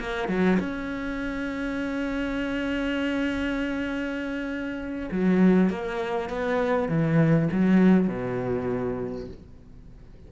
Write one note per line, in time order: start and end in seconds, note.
0.00 0.28 A#3
0.28 0.58 F#3
0.60 5.10 C#4
5.12 5.70 F#3
5.70 6.30 A#3
6.30 6.89 B3
6.89 7.49 E3
7.52 8.08 F#3
8.08 9.28 B2